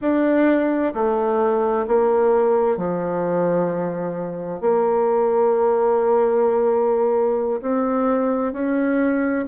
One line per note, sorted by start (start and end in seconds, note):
0.01 0.93 D4
0.94 1.86 A3
1.87 2.77 A#3
2.77 4.60 F3
4.60 7.60 A#3
7.61 8.52 C4
8.52 9.44 C#4